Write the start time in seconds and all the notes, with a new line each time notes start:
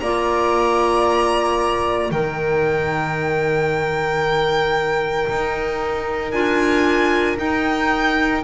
0.00 A#3 F4 D5 A#5
2.11 D#3 D#4 A#4 G5
5.29 D#4
6.31 D4 F4 G#5
7.37 D#4 G5